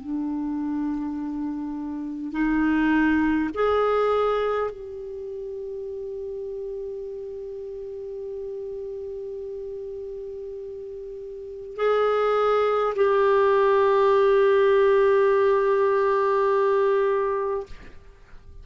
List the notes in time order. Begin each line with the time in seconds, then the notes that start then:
0.00 D4
2.32 D#4
3.54 G#4
4.71 G4
11.76 G#4
12.96 G4